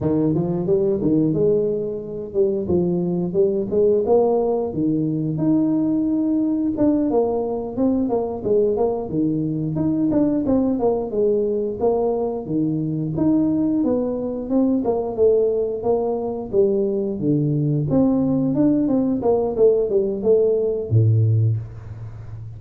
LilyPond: \new Staff \with { instrumentName = "tuba" } { \time 4/4 \tempo 4 = 89 dis8 f8 g8 dis8 gis4. g8 | f4 g8 gis8 ais4 dis4 | dis'2 d'8 ais4 c'8 | ais8 gis8 ais8 dis4 dis'8 d'8 c'8 |
ais8 gis4 ais4 dis4 dis'8~ | dis'8 b4 c'8 ais8 a4 ais8~ | ais8 g4 d4 c'4 d'8 | c'8 ais8 a8 g8 a4 a,4 | }